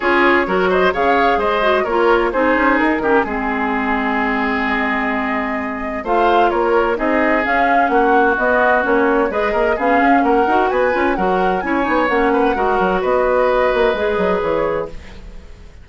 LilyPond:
<<
  \new Staff \with { instrumentName = "flute" } { \time 4/4 \tempo 4 = 129 cis''4. dis''8 f''4 dis''4 | cis''4 c''4 ais'4 gis'4~ | gis'2 dis''2~ | dis''4 f''4 cis''4 dis''4 |
f''4 fis''4 dis''4 cis''4 | dis''4 f''4 fis''4 gis''4 | fis''4 gis''4 fis''2 | dis''2. cis''4 | }
  \new Staff \with { instrumentName = "oboe" } { \time 4/4 gis'4 ais'8 c''8 cis''4 c''4 | ais'4 gis'4. g'8 gis'4~ | gis'1~ | gis'4 c''4 ais'4 gis'4~ |
gis'4 fis'2. | b'8 ais'8 gis'4 ais'4 b'4 | ais'4 cis''4. b'8 ais'4 | b'1 | }
  \new Staff \with { instrumentName = "clarinet" } { \time 4/4 f'4 fis'4 gis'4. fis'8 | f'4 dis'4. cis'8 c'4~ | c'1~ | c'4 f'2 dis'4 |
cis'2 b4 cis'4 | gis'4 cis'4. fis'4 f'8 | fis'4 e'8 dis'8 cis'4 fis'4~ | fis'2 gis'2 | }
  \new Staff \with { instrumentName = "bassoon" } { \time 4/4 cis'4 fis4 cis4 gis4 | ais4 c'8 cis'8 dis'8 dis8 gis4~ | gis1~ | gis4 a4 ais4 c'4 |
cis'4 ais4 b4 ais4 | gis8 ais8 b8 cis'8 ais8 dis'8 b8 cis'8 | fis4 cis'8 b8 ais4 gis8 fis8 | b4. ais8 gis8 fis8 e4 | }
>>